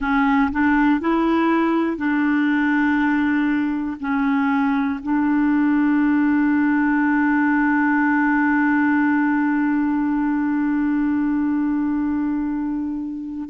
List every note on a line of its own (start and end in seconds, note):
0.00 0.50 C#4
0.51 1.00 D4
1.00 1.97 E4
1.97 3.97 D4
4.00 5.00 C#4
5.02 13.49 D4